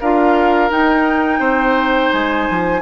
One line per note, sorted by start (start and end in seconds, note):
0.00 0.70 D4
0.00 0.70 F4
0.00 1.39 A#4
0.00 0.71 F5
0.70 2.81 D#4
0.70 1.39 D#4
0.70 2.12 G5
1.39 2.10 C4
1.39 2.80 C5
2.12 2.48 G#3
2.12 2.82 G#5
2.49 2.82 F3